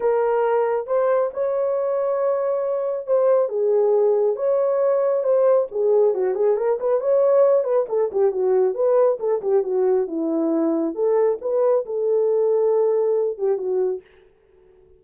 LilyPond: \new Staff \with { instrumentName = "horn" } { \time 4/4 \tempo 4 = 137 ais'2 c''4 cis''4~ | cis''2. c''4 | gis'2 cis''2 | c''4 gis'4 fis'8 gis'8 ais'8 b'8 |
cis''4. b'8 a'8 g'8 fis'4 | b'4 a'8 g'8 fis'4 e'4~ | e'4 a'4 b'4 a'4~ | a'2~ a'8 g'8 fis'4 | }